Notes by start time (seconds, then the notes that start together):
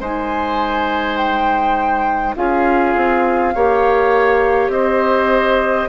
0.00 G#3 D#4 C5 G#5
1.17 G5
2.36 C#4 F4 G#4 F5
2.96 C4
3.55 A#3 G4 C#5
4.69 C4 C5 D#5